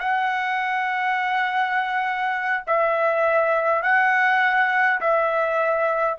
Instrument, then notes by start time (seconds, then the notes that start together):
trumpet
0.00 F#5
2.67 E5
3.83 F#5
5.01 E5